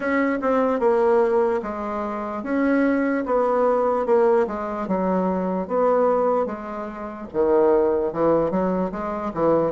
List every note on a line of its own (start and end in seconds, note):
0.00 0.38 C#4
0.41 0.79 C4
0.79 1.60 A#3
1.62 2.43 G#3
2.43 3.24 C#4
3.25 4.05 B3
4.05 4.46 A#3
4.47 4.87 G#3
4.87 5.67 F#3
5.67 6.46 B3
6.46 7.27 G#3
7.33 8.12 D#3
8.12 8.50 E3
8.50 8.91 F#3
8.91 9.32 G#3
9.34 9.72 E3